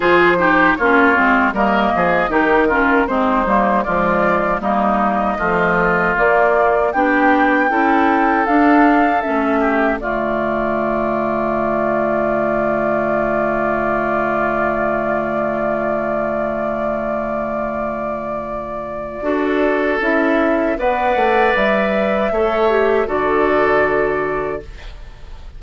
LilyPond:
<<
  \new Staff \with { instrumentName = "flute" } { \time 4/4 \tempo 4 = 78 c''4 cis''4 dis''4 ais'4 | c''4 d''4 dis''2 | d''4 g''2 f''4 | e''4 d''2.~ |
d''1~ | d''1~ | d''2 e''4 fis''4 | e''2 d''2 | }
  \new Staff \with { instrumentName = "oboe" } { \time 4/4 gis'8 g'8 f'4 ais'8 gis'8 g'8 f'8 | dis'4 f'4 dis'4 f'4~ | f'4 g'4 a'2~ | a'8 g'8 f'2.~ |
f'1~ | f'1~ | f'4 a'2 d''4~ | d''4 cis''4 a'2 | }
  \new Staff \with { instrumentName = "clarinet" } { \time 4/4 f'8 dis'8 cis'8 c'8 ais4 dis'8 cis'8 | c'8 ais8 gis4 ais4 f4 | ais4 d'4 e'4 d'4 | cis'4 a2.~ |
a1~ | a1~ | a4 fis'4 e'4 b'4~ | b'4 a'8 g'8 fis'2 | }
  \new Staff \with { instrumentName = "bassoon" } { \time 4/4 f4 ais8 gis8 g8 f8 dis4 | gis8 g8 f4 g4 a4 | ais4 b4 cis'4 d'4 | a4 d2.~ |
d1~ | d1~ | d4 d'4 cis'4 b8 a8 | g4 a4 d2 | }
>>